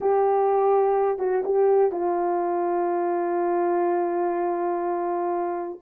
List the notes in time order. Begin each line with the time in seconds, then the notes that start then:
0.00 G4
1.19 F#4
1.45 G4
1.91 F4